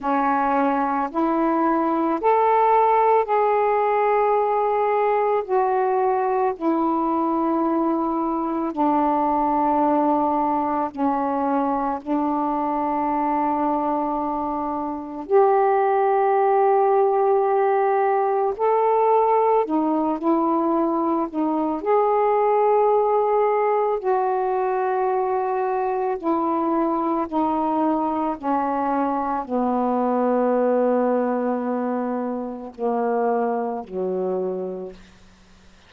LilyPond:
\new Staff \with { instrumentName = "saxophone" } { \time 4/4 \tempo 4 = 55 cis'4 e'4 a'4 gis'4~ | gis'4 fis'4 e'2 | d'2 cis'4 d'4~ | d'2 g'2~ |
g'4 a'4 dis'8 e'4 dis'8 | gis'2 fis'2 | e'4 dis'4 cis'4 b4~ | b2 ais4 fis4 | }